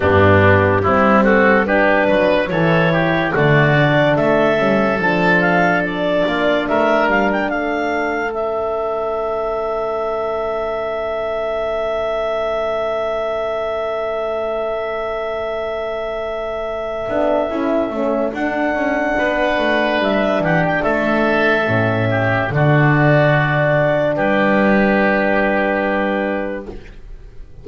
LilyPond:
<<
  \new Staff \with { instrumentName = "clarinet" } { \time 4/4 \tempo 4 = 72 g'4. a'8 b'4 cis''4 | d''4 e''4 a''8 f''8 d''4 | e''8 f''16 g''16 f''4 e''2~ | e''1~ |
e''1~ | e''2 fis''2 | e''8 fis''16 g''16 e''2 d''4~ | d''4 b'2. | }
  \new Staff \with { instrumentName = "oboe" } { \time 4/4 d'4 e'8 fis'8 g'8 b'8 a'8 g'8 | fis'4 a'2~ a'8 f'8 | ais'4 a'2.~ | a'1~ |
a'1~ | a'2. b'4~ | b'8 g'8 a'4. g'8 fis'4~ | fis'4 g'2. | }
  \new Staff \with { instrumentName = "horn" } { \time 4/4 b4 c'4 d'4 e'4 | a8 d'4 cis'8 d'2~ | d'2 cis'2~ | cis'1~ |
cis'1~ | cis'8 d'8 e'8 cis'8 d'2~ | d'2 cis'4 d'4~ | d'1 | }
  \new Staff \with { instrumentName = "double bass" } { \time 4/4 g,4 g4. fis8 e4 | d4 a8 g8 f4. ais8 | a8 g8 a2.~ | a1~ |
a1~ | a8 b8 cis'8 a8 d'8 cis'8 b8 a8 | g8 e8 a4 a,4 d4~ | d4 g2. | }
>>